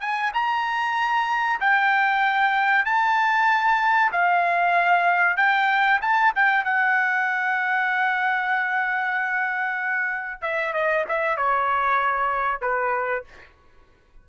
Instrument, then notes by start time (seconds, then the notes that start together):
trumpet
0.00 G#5
0.33 A#5
1.60 G5
2.85 A5
4.12 F5
5.37 G5
6.01 A5
6.35 G5
6.64 F#5
10.41 E5
10.73 D#5
11.08 E5
11.37 C#5
12.61 B4